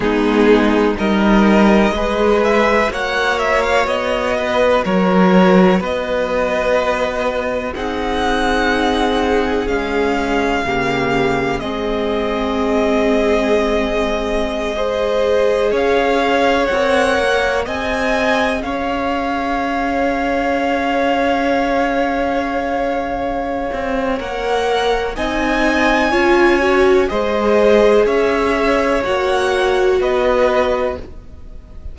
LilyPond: <<
  \new Staff \with { instrumentName = "violin" } { \time 4/4 \tempo 4 = 62 gis'4 dis''4. e''8 fis''8 e''16 f''16 | dis''4 cis''4 dis''2 | fis''2 f''2 | dis''1~ |
dis''16 f''4 fis''4 gis''4 f''8.~ | f''1~ | f''4 fis''4 gis''2 | dis''4 e''4 fis''4 dis''4 | }
  \new Staff \with { instrumentName = "violin" } { \time 4/4 dis'4 ais'4 b'4 cis''4~ | cis''8 b'8 ais'4 b'2 | gis'2. g'4 | gis'2.~ gis'16 c''8.~ |
c''16 cis''2 dis''4 cis''8.~ | cis''1~ | cis''2 dis''4 cis''4 | c''4 cis''2 b'4 | }
  \new Staff \with { instrumentName = "viola" } { \time 4/4 b4 dis'4 gis'4 fis'4~ | fis'1 | dis'2 gis4 ais4 | c'2.~ c'16 gis'8.~ |
gis'4~ gis'16 ais'4 gis'4.~ gis'16~ | gis'1~ | gis'4 ais'4 dis'4 f'8 fis'8 | gis'2 fis'2 | }
  \new Staff \with { instrumentName = "cello" } { \time 4/4 gis4 g4 gis4 ais4 | b4 fis4 b2 | c'2 cis'4 cis4 | gis1~ |
gis16 cis'4 c'8 ais8 c'4 cis'8.~ | cis'1~ | cis'8 c'8 ais4 c'4 cis'4 | gis4 cis'4 ais4 b4 | }
>>